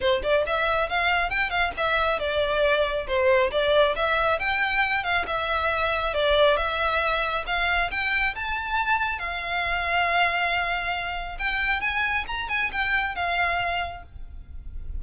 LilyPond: \new Staff \with { instrumentName = "violin" } { \time 4/4 \tempo 4 = 137 c''8 d''8 e''4 f''4 g''8 f''8 | e''4 d''2 c''4 | d''4 e''4 g''4. f''8 | e''2 d''4 e''4~ |
e''4 f''4 g''4 a''4~ | a''4 f''2.~ | f''2 g''4 gis''4 | ais''8 gis''8 g''4 f''2 | }